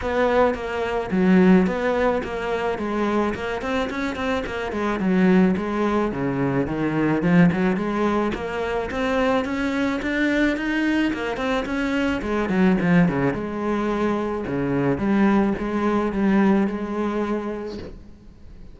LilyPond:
\new Staff \with { instrumentName = "cello" } { \time 4/4 \tempo 4 = 108 b4 ais4 fis4 b4 | ais4 gis4 ais8 c'8 cis'8 c'8 | ais8 gis8 fis4 gis4 cis4 | dis4 f8 fis8 gis4 ais4 |
c'4 cis'4 d'4 dis'4 | ais8 c'8 cis'4 gis8 fis8 f8 cis8 | gis2 cis4 g4 | gis4 g4 gis2 | }